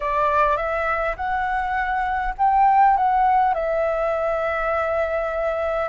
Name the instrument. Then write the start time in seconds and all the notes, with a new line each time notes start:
flute
0.00 D5
0.56 E5
1.16 F#5
2.38 G5
2.96 F#5
3.53 E5